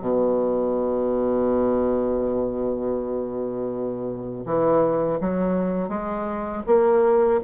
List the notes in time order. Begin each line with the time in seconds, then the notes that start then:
0.00 B2
4.45 E3
5.20 F#3
5.88 G#3
6.66 A#3